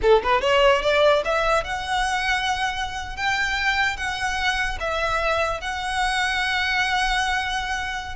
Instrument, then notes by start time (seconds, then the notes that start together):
violin
0.01 A4
0.23 B4
0.41 C#5
0.82 D5
1.24 E5
1.63 F#5
3.16 G5
3.96 F#5
4.80 E5
5.60 F#5